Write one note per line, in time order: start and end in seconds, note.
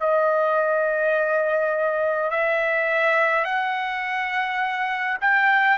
0.00 2.31 D#5
2.31 3.45 E5
3.45 5.18 F#5
5.21 5.78 G5